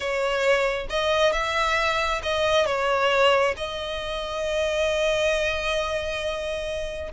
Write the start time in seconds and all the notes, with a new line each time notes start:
0.00 C#5
0.89 D#5
1.32 E5
2.23 D#5
2.65 C#5
3.56 D#5